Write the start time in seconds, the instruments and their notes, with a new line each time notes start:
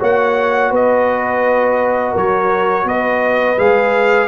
0.00 tuba A#3, trombone F#4, horn C#5, trumpet F#5
0.71 tuba B3, horn B4, trumpet D#5
2.12 tuba F#3, horn A#4, trumpet C#5
2.85 tuba B3, horn B4, trumpet D#5
3.58 tuba G#3, trombone G#4, trumpet F5